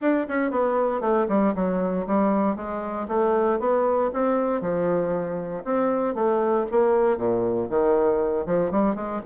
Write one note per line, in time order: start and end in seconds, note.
0.01 0.26 D4
0.28 0.51 C#4
0.51 1.00 B3
1.00 1.26 A3
1.28 1.54 G3
1.55 2.06 F#3
2.07 2.56 G3
2.56 3.07 G#3
3.08 3.59 A3
3.59 4.10 B3
4.13 4.61 C4
4.61 5.63 F3
5.64 6.14 C4
6.14 6.65 A3
6.71 7.17 A#3
7.17 7.69 A#2
7.69 8.45 D#3
8.45 8.71 F3
8.71 8.95 G3
8.95 9.21 G#3